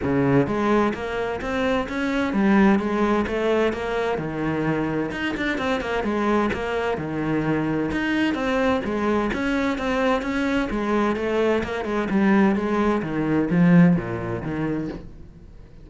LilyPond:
\new Staff \with { instrumentName = "cello" } { \time 4/4 \tempo 4 = 129 cis4 gis4 ais4 c'4 | cis'4 g4 gis4 a4 | ais4 dis2 dis'8 d'8 | c'8 ais8 gis4 ais4 dis4~ |
dis4 dis'4 c'4 gis4 | cis'4 c'4 cis'4 gis4 | a4 ais8 gis8 g4 gis4 | dis4 f4 ais,4 dis4 | }